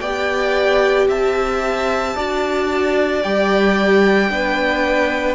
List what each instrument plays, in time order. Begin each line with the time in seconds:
0.00 cello B3, viola G4, violin D5 G5
1.08 cello C4, violin E5 A5
2.16 cello D4, viola F#4, violin D5
3.22 cello G3, viola G4, violin G5
4.30 cello B3, viola D4, violin B4